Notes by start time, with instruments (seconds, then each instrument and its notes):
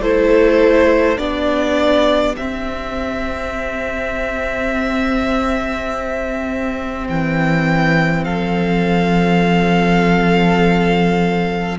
0.00 cello A3, viola E4, violin A4 C5
1.17 cello B3, viola D4, violin G4 D5
2.37 cello C4, viola C4, violin E5
7.09 cello E3, violin G5
8.24 cello F3, violin A4 F5